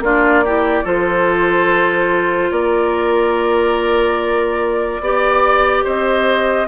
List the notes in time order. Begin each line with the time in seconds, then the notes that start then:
0.00 A#3 D4 F4 D5
0.44 E4 G4
0.84 F3 F4 A4 C5
2.51 A#3 A#4 D5
5.00 B3 G4 D5
5.84 C4 C5 D#5